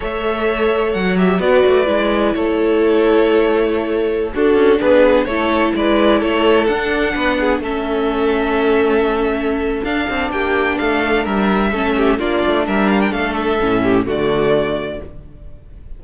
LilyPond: <<
  \new Staff \with { instrumentName = "violin" } { \time 4/4 \tempo 4 = 128 e''2 fis''8 e''8 d''4~ | d''4 cis''2.~ | cis''4~ cis''16 a'4 b'4 cis''8.~ | cis''16 d''4 cis''4 fis''4.~ fis''16~ |
fis''16 e''2.~ e''8.~ | e''4 f''4 g''4 f''4 | e''2 d''4 e''8 f''16 g''16 | f''8 e''4. d''2 | }
  \new Staff \with { instrumentName = "violin" } { \time 4/4 cis''2. b'4~ | b'4 a'2.~ | a'4~ a'16 fis'4 gis'4 a'8.~ | a'16 b'4 a'2 b'8 gis'16~ |
gis'16 a'2.~ a'8.~ | a'2 g'4 a'4 | ais'4 a'8 g'8 f'4 ais'4 | a'4. g'8 fis'2 | }
  \new Staff \with { instrumentName = "viola" } { \time 4/4 a'2~ a'8 g'8 fis'4 | e'1~ | e'4~ e'16 d'2 e'8.~ | e'2~ e'16 d'4.~ d'16~ |
d'16 cis'2.~ cis'8.~ | cis'4 d'2.~ | d'4 cis'4 d'2~ | d'4 cis'4 a2 | }
  \new Staff \with { instrumentName = "cello" } { \time 4/4 a2 fis4 b8 a8 | gis4 a2.~ | a4~ a16 d'8 cis'8 b4 a8.~ | a16 gis4 a4 d'4 b8.~ |
b16 a2.~ a8.~ | a4 d'8 c'8 ais4 a4 | g4 a4 ais8 a8 g4 | a4 a,4 d2 | }
>>